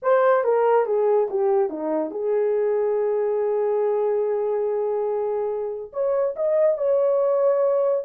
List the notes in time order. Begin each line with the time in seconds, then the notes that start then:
0.02 C5
0.43 A#4
0.85 G#4
1.30 G4
1.69 D#4
2.10 G#4
5.92 C#5
6.36 D#5
6.77 C#5